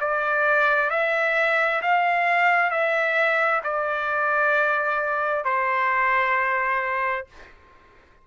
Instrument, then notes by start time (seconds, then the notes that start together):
trumpet
0.00 D5
0.90 E5
1.81 F5
2.70 E5
3.64 D5
5.45 C5